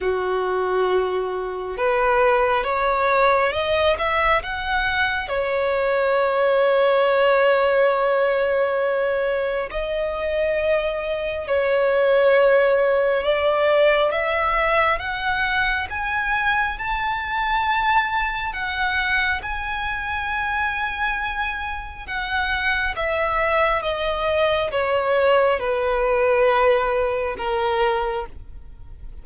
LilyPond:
\new Staff \with { instrumentName = "violin" } { \time 4/4 \tempo 4 = 68 fis'2 b'4 cis''4 | dis''8 e''8 fis''4 cis''2~ | cis''2. dis''4~ | dis''4 cis''2 d''4 |
e''4 fis''4 gis''4 a''4~ | a''4 fis''4 gis''2~ | gis''4 fis''4 e''4 dis''4 | cis''4 b'2 ais'4 | }